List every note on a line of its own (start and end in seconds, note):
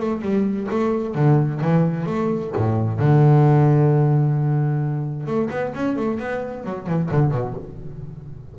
0.00 0.22 A3
0.22 0.68 G3
0.71 1.15 A3
1.15 1.61 D3
1.62 2.06 E3
2.06 2.52 A3
2.57 3.00 A2
3.00 5.27 D3
5.27 5.50 A3
5.51 5.74 B3
5.75 5.97 C#4
5.97 6.19 A3
6.19 6.65 B3
6.65 6.87 F#3
6.87 7.10 E3
7.11 7.32 D3
7.32 7.55 B2